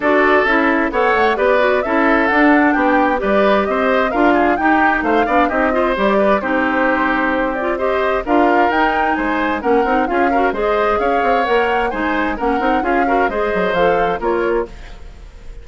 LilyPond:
<<
  \new Staff \with { instrumentName = "flute" } { \time 4/4 \tempo 4 = 131 d''4 e''4 fis''4 d''4 | e''4 fis''4 g''4 d''4 | dis''4 f''4 g''4 f''4 | dis''4 d''4 c''2~ |
c''8 d''8 dis''4 f''4 g''4 | gis''4 fis''4 f''4 dis''4 | f''4 fis''4 gis''4 fis''4 | f''4 dis''4 f''4 cis''4 | }
  \new Staff \with { instrumentName = "oboe" } { \time 4/4 a'2 cis''4 b'4 | a'2 g'4 b'4 | c''4 ais'8 gis'8 g'4 c''8 d''8 | g'8 c''4 b'8 g'2~ |
g'4 c''4 ais'2 | c''4 ais'4 gis'8 ais'8 c''4 | cis''2 c''4 ais'4 | gis'8 ais'8 c''2 ais'4 | }
  \new Staff \with { instrumentName = "clarinet" } { \time 4/4 fis'4 e'4 a'4 g'8 fis'8 | e'4 d'2 g'4~ | g'4 f'4 dis'4. d'8 | dis'8 f'8 g'4 dis'2~ |
dis'8 f'8 g'4 f'4 dis'4~ | dis'4 cis'8 dis'8 f'8 fis'8 gis'4~ | gis'4 ais'4 dis'4 cis'8 dis'8 | f'8 fis'8 gis'4 a'4 f'4 | }
  \new Staff \with { instrumentName = "bassoon" } { \time 4/4 d'4 cis'4 b8 a8 b4 | cis'4 d'4 b4 g4 | c'4 d'4 dis'4 a8 b8 | c'4 g4 c'2~ |
c'2 d'4 dis'4 | gis4 ais8 c'8 cis'4 gis4 | cis'8 c'8 ais4 gis4 ais8 c'8 | cis'4 gis8 fis8 f4 ais4 | }
>>